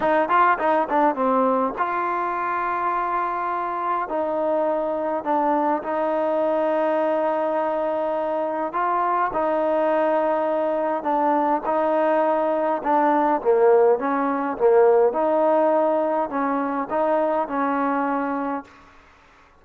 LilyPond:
\new Staff \with { instrumentName = "trombone" } { \time 4/4 \tempo 4 = 103 dis'8 f'8 dis'8 d'8 c'4 f'4~ | f'2. dis'4~ | dis'4 d'4 dis'2~ | dis'2. f'4 |
dis'2. d'4 | dis'2 d'4 ais4 | cis'4 ais4 dis'2 | cis'4 dis'4 cis'2 | }